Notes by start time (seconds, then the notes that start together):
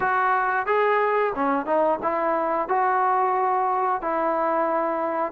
0.00 F#4
0.66 G#4
1.35 C#4
1.65 D#4
2.02 E4
2.68 F#4
4.01 E4